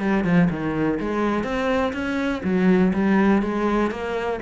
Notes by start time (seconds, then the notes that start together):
0.00 G3
0.24 F3
0.51 D#3
1.00 G#3
1.44 C4
1.93 C#4
2.44 F#3
2.94 G3
3.43 G#3
3.91 A#3